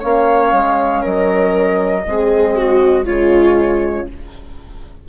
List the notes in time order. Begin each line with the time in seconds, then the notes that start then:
0.00 A#3 C#4 C#5 F5
0.52 G#3
1.01 F#3 A#4 D#5
2.07 G#3 C4 G#4
2.56 F#4
3.05 C#3 G#3 F4 C#5